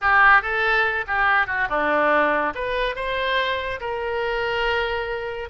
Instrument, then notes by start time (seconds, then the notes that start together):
oboe
0.01 G4
0.41 A4
1.07 G4
1.47 F#4
1.69 D4
2.54 B4
2.95 C5
3.80 A#4